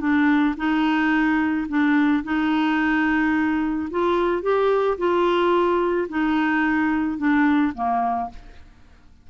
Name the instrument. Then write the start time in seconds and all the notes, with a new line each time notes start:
clarinet
0.00 D4
0.57 D#4
1.68 D4
2.23 D#4
3.90 F4
4.42 G4
4.98 F4
6.09 D#4
7.18 D4
7.75 A#3